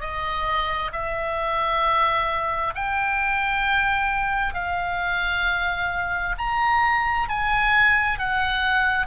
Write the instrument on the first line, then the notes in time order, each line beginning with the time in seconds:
oboe
0.00 D#5
0.92 E5
2.74 G5
4.54 F5
6.38 A#5
7.29 G#5
8.19 F#5